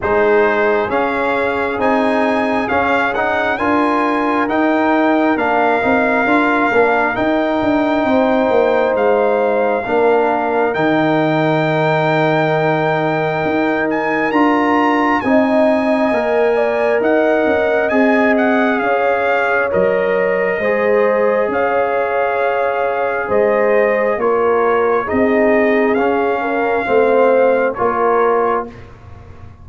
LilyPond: <<
  \new Staff \with { instrumentName = "trumpet" } { \time 4/4 \tempo 4 = 67 c''4 f''4 gis''4 f''8 fis''8 | gis''4 g''4 f''2 | g''2 f''2 | g''2.~ g''8 gis''8 |
ais''4 gis''2 fis''4 | gis''8 fis''8 f''4 dis''2 | f''2 dis''4 cis''4 | dis''4 f''2 cis''4 | }
  \new Staff \with { instrumentName = "horn" } { \time 4/4 gis'1 | ais'1~ | ais'4 c''2 ais'4~ | ais'1~ |
ais'4 dis''4. d''8 dis''4~ | dis''4 cis''2 c''4 | cis''2 c''4 ais'4 | gis'4. ais'8 c''4 ais'4 | }
  \new Staff \with { instrumentName = "trombone" } { \time 4/4 dis'4 cis'4 dis'4 cis'8 dis'8 | f'4 dis'4 d'8 dis'8 f'8 d'8 | dis'2. d'4 | dis'1 |
f'4 dis'4 ais'2 | gis'2 ais'4 gis'4~ | gis'2. f'4 | dis'4 cis'4 c'4 f'4 | }
  \new Staff \with { instrumentName = "tuba" } { \time 4/4 gis4 cis'4 c'4 cis'4 | d'4 dis'4 ais8 c'8 d'8 ais8 | dis'8 d'8 c'8 ais8 gis4 ais4 | dis2. dis'4 |
d'4 c'4 ais4 dis'8 cis'8 | c'4 cis'4 fis4 gis4 | cis'2 gis4 ais4 | c'4 cis'4 a4 ais4 | }
>>